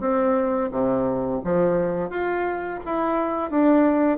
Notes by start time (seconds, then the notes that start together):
0.00 C4
0.71 C3
1.44 F3
2.10 F4
2.85 E4
3.50 D4